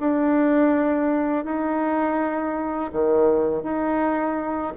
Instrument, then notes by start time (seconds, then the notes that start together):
bassoon
0.00 D4
1.45 D#4
2.92 D#3
3.63 D#4